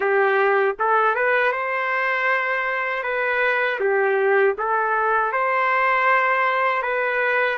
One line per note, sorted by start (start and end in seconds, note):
0.00 0.76 G4
0.79 1.15 A4
1.15 1.52 B4
1.52 3.03 C5
3.03 3.79 B4
3.79 4.55 G4
4.57 5.32 A4
5.32 6.82 C5
6.82 7.57 B4